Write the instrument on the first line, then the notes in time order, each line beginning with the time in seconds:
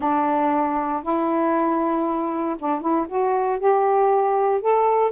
saxophone
0.00 D4
1.02 E4
2.58 D4
2.81 E4
3.08 F#4
3.59 G4
4.61 A4